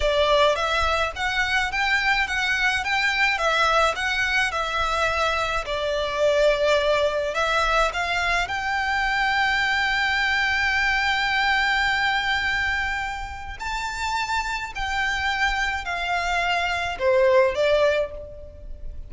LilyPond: \new Staff \with { instrumentName = "violin" } { \time 4/4 \tempo 4 = 106 d''4 e''4 fis''4 g''4 | fis''4 g''4 e''4 fis''4 | e''2 d''2~ | d''4 e''4 f''4 g''4~ |
g''1~ | g''1 | a''2 g''2 | f''2 c''4 d''4 | }